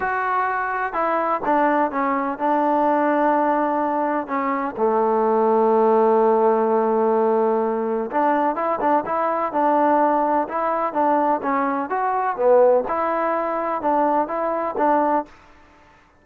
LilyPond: \new Staff \with { instrumentName = "trombone" } { \time 4/4 \tempo 4 = 126 fis'2 e'4 d'4 | cis'4 d'2.~ | d'4 cis'4 a2~ | a1~ |
a4 d'4 e'8 d'8 e'4 | d'2 e'4 d'4 | cis'4 fis'4 b4 e'4~ | e'4 d'4 e'4 d'4 | }